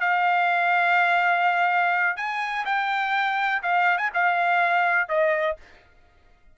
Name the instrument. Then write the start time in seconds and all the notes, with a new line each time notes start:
trumpet
0.00 F5
2.17 G#5
2.65 G5
3.62 F5
3.98 G#5
4.13 F5
5.09 D#5